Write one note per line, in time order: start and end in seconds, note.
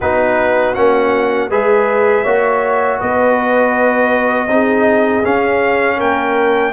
0.00 0.75 B3
0.00 0.75 D#4
0.00 1.50 F#4
0.00 0.74 B4
0.74 1.49 A#3
0.74 1.50 C#4
0.74 1.49 F#5
1.49 2.24 G#3
1.49 2.25 G#4
1.49 2.23 B4
1.49 3.00 E5
2.23 3.01 A#3
2.23 4.48 F#4
2.23 2.98 C#5
2.99 4.48 B3
2.99 4.49 B4
2.99 5.25 D#5
4.48 5.23 C4
4.48 5.23 D#4
4.48 5.96 G#4
5.23 6.73 C#4
5.23 6.00 C#4
5.23 6.00 F5
5.96 6.73 A#3
5.96 6.71 A#4
5.96 6.73 G5